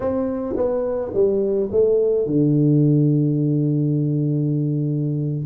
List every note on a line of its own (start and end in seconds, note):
0.00 0.55 C4
0.56 1.12 B3
1.13 1.69 G3
1.71 2.26 A3
2.26 5.45 D3